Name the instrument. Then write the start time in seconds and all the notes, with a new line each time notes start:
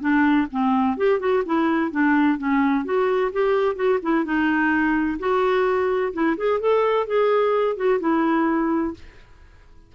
clarinet
0.00 D4
0.51 C4
0.97 G4
1.19 F#4
1.45 E4
1.91 D4
2.38 C#4
2.84 F#4
3.32 G4
3.75 F#4
4.02 E4
4.24 D#4
5.19 F#4
6.13 E4
6.37 G#4
6.60 A4
7.07 G#4
7.76 F#4
8.00 E4